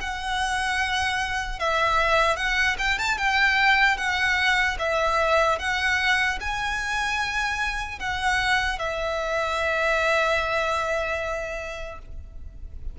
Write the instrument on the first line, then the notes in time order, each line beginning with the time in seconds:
violin
0.00 F#5
1.59 E5
2.36 F#5
2.78 G5
2.98 A5
3.17 G5
3.97 F#5
4.79 E5
5.59 F#5
6.40 G#5
7.99 F#5
8.79 E5